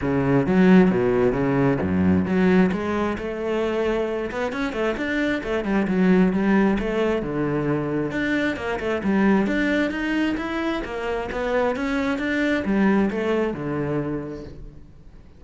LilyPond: \new Staff \with { instrumentName = "cello" } { \time 4/4 \tempo 4 = 133 cis4 fis4 b,4 cis4 | fis,4 fis4 gis4 a4~ | a4. b8 cis'8 a8 d'4 | a8 g8 fis4 g4 a4 |
d2 d'4 ais8 a8 | g4 d'4 dis'4 e'4 | ais4 b4 cis'4 d'4 | g4 a4 d2 | }